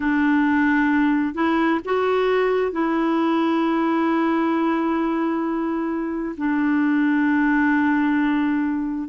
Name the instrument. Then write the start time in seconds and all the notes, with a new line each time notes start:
clarinet
0.00 D4
1.34 E4
1.84 F#4
2.71 E4
6.37 D4